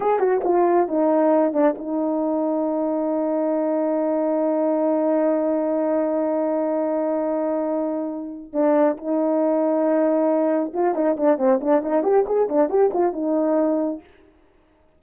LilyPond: \new Staff \with { instrumentName = "horn" } { \time 4/4 \tempo 4 = 137 gis'8 fis'8 f'4 dis'4. d'8 | dis'1~ | dis'1~ | dis'1~ |
dis'2.~ dis'8 d'8~ | d'8 dis'2.~ dis'8~ | dis'8 f'8 dis'8 d'8 c'8 d'8 dis'8 g'8 | gis'8 d'8 g'8 f'8 dis'2 | }